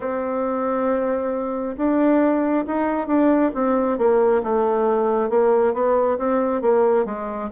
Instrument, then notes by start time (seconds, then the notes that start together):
bassoon
0.00 C4
1.76 D4
2.67 D#4
3.06 D4
3.54 C4
3.97 A#3
4.43 A3
5.29 A#3
5.73 B3
6.18 C4
6.61 A#3
7.05 G#3